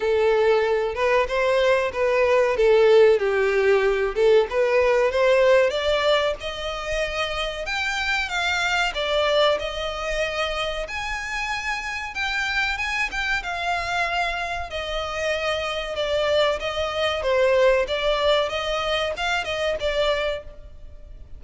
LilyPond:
\new Staff \with { instrumentName = "violin" } { \time 4/4 \tempo 4 = 94 a'4. b'8 c''4 b'4 | a'4 g'4. a'8 b'4 | c''4 d''4 dis''2 | g''4 f''4 d''4 dis''4~ |
dis''4 gis''2 g''4 | gis''8 g''8 f''2 dis''4~ | dis''4 d''4 dis''4 c''4 | d''4 dis''4 f''8 dis''8 d''4 | }